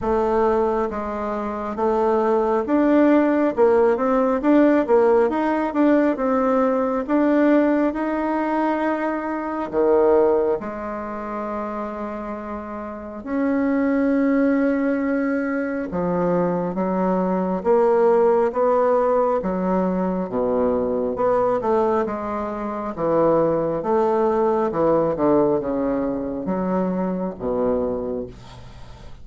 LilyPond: \new Staff \with { instrumentName = "bassoon" } { \time 4/4 \tempo 4 = 68 a4 gis4 a4 d'4 | ais8 c'8 d'8 ais8 dis'8 d'8 c'4 | d'4 dis'2 dis4 | gis2. cis'4~ |
cis'2 f4 fis4 | ais4 b4 fis4 b,4 | b8 a8 gis4 e4 a4 | e8 d8 cis4 fis4 b,4 | }